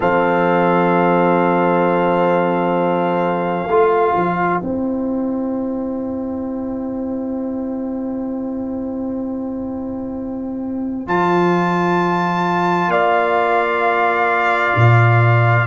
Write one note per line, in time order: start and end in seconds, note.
0.00 3.66 F3
0.00 3.68 C4
0.00 3.68 A4
0.00 4.62 F5
3.67 4.13 A3
3.67 4.62 F4
3.67 12.90 C5
4.15 4.61 F3
4.62 11.07 C4
4.62 11.07 E4
4.62 11.08 G5
11.07 12.87 F3
11.07 15.66 F4
11.07 12.90 A5
12.87 14.72 A#3
12.87 15.66 D5
12.87 15.66 F5
14.76 15.66 A#2